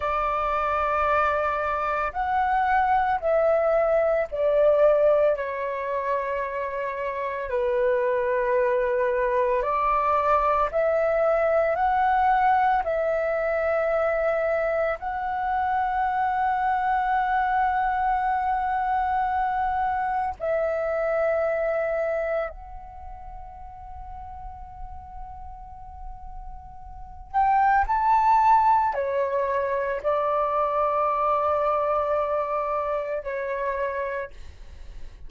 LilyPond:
\new Staff \with { instrumentName = "flute" } { \time 4/4 \tempo 4 = 56 d''2 fis''4 e''4 | d''4 cis''2 b'4~ | b'4 d''4 e''4 fis''4 | e''2 fis''2~ |
fis''2. e''4~ | e''4 fis''2.~ | fis''4. g''8 a''4 cis''4 | d''2. cis''4 | }